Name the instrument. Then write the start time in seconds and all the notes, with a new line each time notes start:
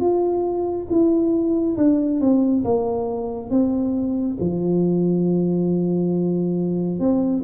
tuba
0.00 F4
0.89 E4
1.77 D4
2.20 C4
2.64 A#3
3.50 C4
4.40 F3
6.99 C4